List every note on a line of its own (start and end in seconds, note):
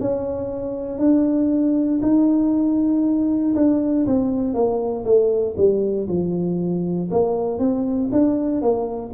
0.00 0.99 C#4
0.99 2.01 D4
2.02 3.55 D#4
3.55 4.06 D4
4.06 4.54 C4
4.54 5.05 A#3
5.05 5.56 A3
5.57 6.08 G3
6.08 7.10 F3
7.11 7.59 A#3
7.59 8.10 C4
8.12 8.62 D4
8.62 9.12 A#3